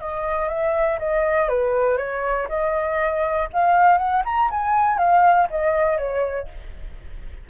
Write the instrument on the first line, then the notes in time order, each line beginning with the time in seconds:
flute
0.00 D#5
0.49 E5
0.99 D#5
1.49 B4
1.97 C#5
2.49 D#5
3.53 F5
3.98 F#5
4.25 A#5
4.51 G#5
4.98 F5
5.50 D#5
5.98 C#5